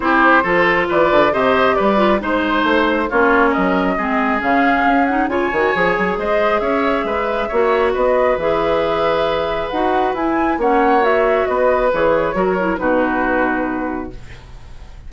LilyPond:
<<
  \new Staff \with { instrumentName = "flute" } { \time 4/4 \tempo 4 = 136 c''2 d''4 dis''4 | d''4 c''2 cis''4 | dis''2 f''4. fis''8 | gis''2 dis''4 e''4~ |
e''2 dis''4 e''4~ | e''2 fis''4 gis''4 | fis''4 e''4 dis''4 cis''4~ | cis''4 b'2. | }
  \new Staff \with { instrumentName = "oboe" } { \time 4/4 g'4 a'4 b'4 c''4 | b'4 c''2 f'4 | ais'4 gis'2. | cis''2 c''4 cis''4 |
b'4 cis''4 b'2~ | b'1 | cis''2 b'2 | ais'4 fis'2. | }
  \new Staff \with { instrumentName = "clarinet" } { \time 4/4 e'4 f'2 g'4~ | g'8 f'8 dis'2 cis'4~ | cis'4 c'4 cis'4. dis'8 | f'8 fis'8 gis'2.~ |
gis'4 fis'2 gis'4~ | gis'2 fis'4 e'4 | cis'4 fis'2 gis'4 | fis'8 e'8 dis'2. | }
  \new Staff \with { instrumentName = "bassoon" } { \time 4/4 c'4 f4 e8 d8 c4 | g4 gis4 a4 ais4 | fis4 gis4 cis4 cis'4 | cis8 dis8 f8 fis8 gis4 cis'4 |
gis4 ais4 b4 e4~ | e2 dis'4 e'4 | ais2 b4 e4 | fis4 b,2. | }
>>